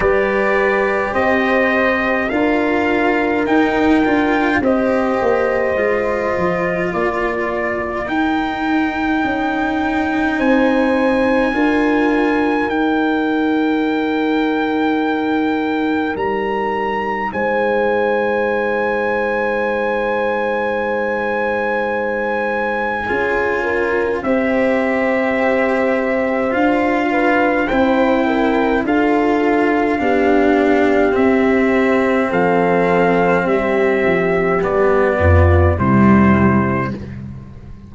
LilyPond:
<<
  \new Staff \with { instrumentName = "trumpet" } { \time 4/4 \tempo 4 = 52 d''4 dis''4 f''4 g''4 | dis''2 d''4 g''4~ | g''4 gis''2 g''4~ | g''2 ais''4 gis''4~ |
gis''1~ | gis''4 e''2 f''4 | g''4 f''2 e''4 | f''4 e''4 d''4 c''4 | }
  \new Staff \with { instrumentName = "horn" } { \time 4/4 b'4 c''4 ais'2 | c''2 ais'2~ | ais'4 c''4 ais'2~ | ais'2. c''4~ |
c''1 | gis'8 ais'8 c''2~ c''8 b'8 | c''8 ais'8 a'4 g'2 | a'4 g'4. f'8 e'4 | }
  \new Staff \with { instrumentName = "cello" } { \time 4/4 g'2 f'4 dis'8 f'8 | g'4 f'2 dis'4~ | dis'2 f'4 dis'4~ | dis'1~ |
dis'1 | f'4 g'2 f'4 | e'4 f'4 d'4 c'4~ | c'2 b4 g4 | }
  \new Staff \with { instrumentName = "tuba" } { \time 4/4 g4 c'4 d'4 dis'8 d'8 | c'8 ais8 gis8 f8 ais4 dis'4 | cis'4 c'4 d'4 dis'4~ | dis'2 g4 gis4~ |
gis1 | cis'4 c'2 d'4 | c'4 d'4 b4 c'4 | f4 g8 f8 g8 f,8 c4 | }
>>